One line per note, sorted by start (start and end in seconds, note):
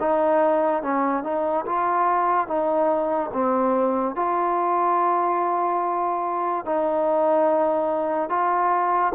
0.00 0.83 D#4
0.83 1.23 C#4
1.23 1.65 D#4
1.66 2.47 F4
2.47 3.31 D#4
3.33 4.16 C4
4.16 6.65 F4
6.65 8.29 D#4
8.29 9.12 F4